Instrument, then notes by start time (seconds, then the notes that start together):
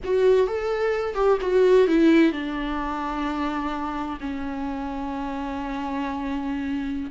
viola
0.04 F#4
0.47 A4
1.15 G4
1.41 F#4
1.87 E4
2.32 D4
4.20 C#4